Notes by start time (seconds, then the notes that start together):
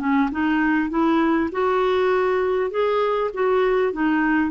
0.00 C#4
0.32 D#4
0.90 E4
1.52 F#4
2.71 G#4
3.34 F#4
3.93 D#4